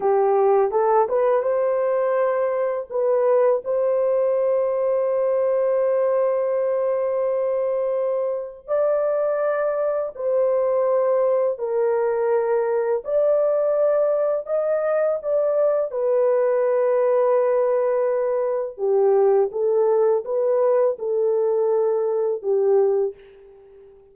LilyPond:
\new Staff \with { instrumentName = "horn" } { \time 4/4 \tempo 4 = 83 g'4 a'8 b'8 c''2 | b'4 c''2.~ | c''1 | d''2 c''2 |
ais'2 d''2 | dis''4 d''4 b'2~ | b'2 g'4 a'4 | b'4 a'2 g'4 | }